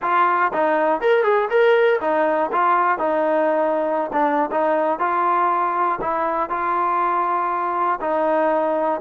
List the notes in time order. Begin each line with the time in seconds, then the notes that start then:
0.01 F4
0.53 D#4
1.00 A#4
1.23 G#4
1.50 A#4
2.00 D#4
2.51 F4
2.98 D#4
4.12 D4
4.51 D#4
4.99 F4
6.01 E4
6.49 F4
8.00 D#4